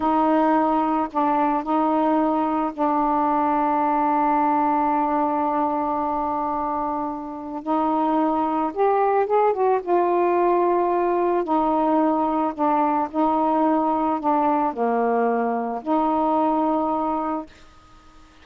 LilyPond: \new Staff \with { instrumentName = "saxophone" } { \time 4/4 \tempo 4 = 110 dis'2 d'4 dis'4~ | dis'4 d'2.~ | d'1~ | d'2 dis'2 |
g'4 gis'8 fis'8 f'2~ | f'4 dis'2 d'4 | dis'2 d'4 ais4~ | ais4 dis'2. | }